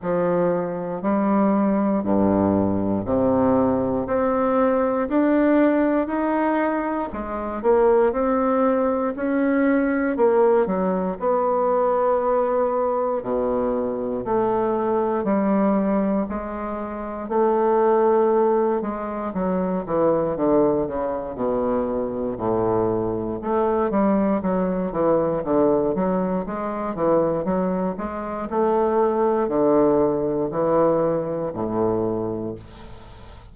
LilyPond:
\new Staff \with { instrumentName = "bassoon" } { \time 4/4 \tempo 4 = 59 f4 g4 g,4 c4 | c'4 d'4 dis'4 gis8 ais8 | c'4 cis'4 ais8 fis8 b4~ | b4 b,4 a4 g4 |
gis4 a4. gis8 fis8 e8 | d8 cis8 b,4 a,4 a8 g8 | fis8 e8 d8 fis8 gis8 e8 fis8 gis8 | a4 d4 e4 a,4 | }